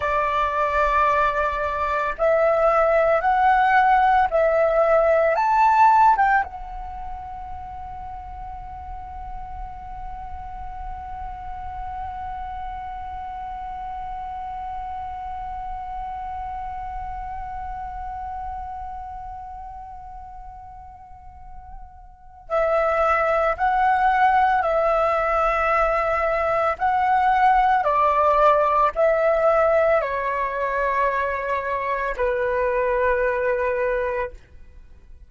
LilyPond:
\new Staff \with { instrumentName = "flute" } { \time 4/4 \tempo 4 = 56 d''2 e''4 fis''4 | e''4 a''8. g''16 fis''2~ | fis''1~ | fis''1~ |
fis''1~ | fis''4 e''4 fis''4 e''4~ | e''4 fis''4 d''4 e''4 | cis''2 b'2 | }